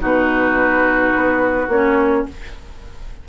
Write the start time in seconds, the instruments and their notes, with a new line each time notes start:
0.00 bassoon B2, clarinet D#4, oboe F#4, flute B4
1.16 bassoon B3
1.68 bassoon A#3, clarinet C#4, flute C#5